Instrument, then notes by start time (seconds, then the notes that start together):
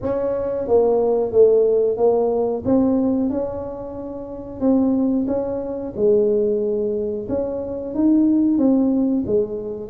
tuba
0.01 C#4
0.67 A#3
1.31 A3
1.97 A#3
2.65 C4
3.30 C#4
4.60 C4
5.27 C#4
5.96 G#3
7.29 C#4
7.94 D#4
8.58 C4
9.26 G#3